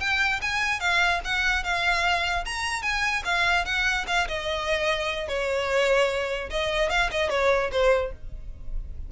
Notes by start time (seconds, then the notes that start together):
0.00 G5
0.41 G#5
0.80 F5
1.24 F#5
1.64 F5
2.45 A#5
2.82 G#5
3.25 F5
3.65 F#5
4.07 F5
4.28 D#5
5.28 C#5
6.50 D#5
6.90 F5
7.11 D#5
7.30 C#5
7.72 C5